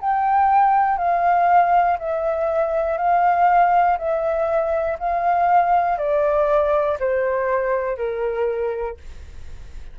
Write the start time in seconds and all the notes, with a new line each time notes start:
0.00 G5
0.97 F5
1.99 E5
2.98 F5
3.98 E5
4.99 F5
5.98 D5
6.99 C5
7.97 A#4